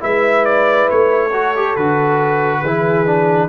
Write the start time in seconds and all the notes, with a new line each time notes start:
0.00 G#3 E4 B4 E5
0.45 D5
0.90 A3 C#5
1.29 F#4 A4
1.56 G4
1.76 D3 F#4 B4
2.61 E3 E4 G#4
3.06 D4